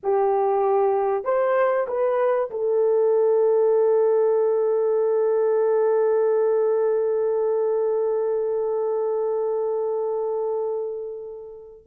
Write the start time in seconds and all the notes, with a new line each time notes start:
0.03 G4
1.24 C5
1.87 B4
2.50 A4